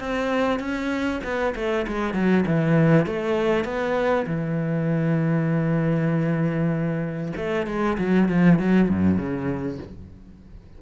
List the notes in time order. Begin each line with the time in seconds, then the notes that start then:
0.00 C4
0.60 C#4
1.24 B3
1.56 A3
1.88 G#3
2.14 F#3
2.46 E3
3.06 A3
3.65 B3
4.27 E3
7.37 A3
7.67 G#3
7.98 F#3
8.29 F3
8.59 F#3
8.89 F#2
9.17 C#3